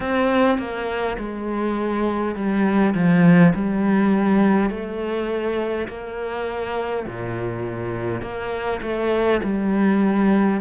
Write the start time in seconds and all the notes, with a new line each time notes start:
0.00 C4
0.58 A#3
1.18 G#3
2.35 G3
2.94 F3
3.55 G3
4.70 A3
5.88 A#3
7.06 A#2
8.21 A#3
8.82 A3
9.43 G3